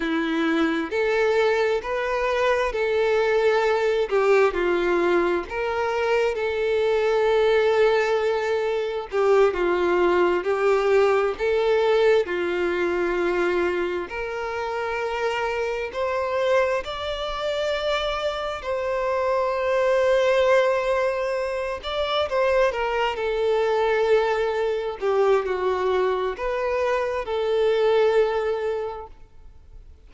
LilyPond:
\new Staff \with { instrumentName = "violin" } { \time 4/4 \tempo 4 = 66 e'4 a'4 b'4 a'4~ | a'8 g'8 f'4 ais'4 a'4~ | a'2 g'8 f'4 g'8~ | g'8 a'4 f'2 ais'8~ |
ais'4. c''4 d''4.~ | d''8 c''2.~ c''8 | d''8 c''8 ais'8 a'2 g'8 | fis'4 b'4 a'2 | }